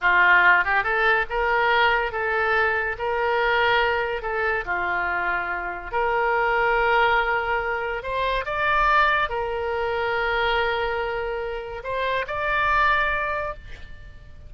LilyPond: \new Staff \with { instrumentName = "oboe" } { \time 4/4 \tempo 4 = 142 f'4. g'8 a'4 ais'4~ | ais'4 a'2 ais'4~ | ais'2 a'4 f'4~ | f'2 ais'2~ |
ais'2. c''4 | d''2 ais'2~ | ais'1 | c''4 d''2. | }